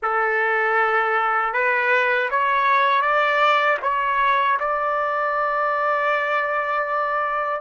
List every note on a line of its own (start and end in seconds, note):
0.02 1.53 A4
1.53 2.29 B4
2.30 3.01 C#5
3.01 3.77 D5
3.82 4.58 C#5
4.59 7.60 D5